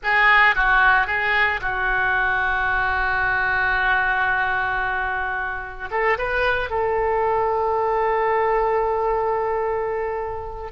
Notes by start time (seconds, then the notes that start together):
0.03 G#4
0.55 F#4
1.06 G#4
1.61 F#4
5.91 A4
6.18 B4
6.70 A4